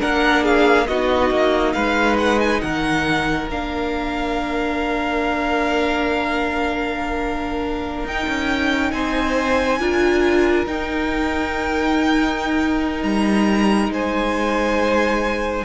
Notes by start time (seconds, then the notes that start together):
0.00 A#3 D4 A#4 F#5
0.43 G#4 F5
0.87 B3 D#4 F#4 D#5
1.31 A#3
1.73 G#3 B4 F5
2.18 F#5
2.40 G#5
2.61 D#3 A#4 F#5
3.50 A#3 D4 F5
8.04 D#4 G5
8.29 C#4
8.91 C4 C5 G#5
9.80 D4 F4 A#4
10.67 D#4 G5
13.03 G3 A#5
13.89 G#3 C5 G#5